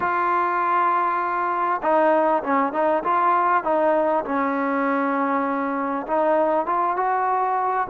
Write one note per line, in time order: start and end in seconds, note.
0.00 1.81 F4
1.82 2.42 D#4
2.43 2.72 C#4
2.72 3.03 D#4
3.03 3.63 F4
3.63 4.24 D#4
4.24 6.06 C#4
6.06 6.66 D#4
6.66 6.96 F4
6.96 7.87 F#4